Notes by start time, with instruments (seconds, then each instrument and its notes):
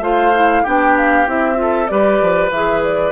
0.00 bassoon A3, clarinet F4, oboe C5, flute F5
0.34 clarinet E4
0.63 bassoon B3, clarinet D4, oboe G4, flute G5
0.97 flute F5
1.26 bassoon C4, clarinet E4, flute E5
1.54 clarinet F4
1.61 oboe A4
1.87 bassoon G3, clarinet G4, oboe B4, flute D5
2.21 bassoon F3
2.50 bassoon E3, clarinet G#4, flute E5
2.83 flute D5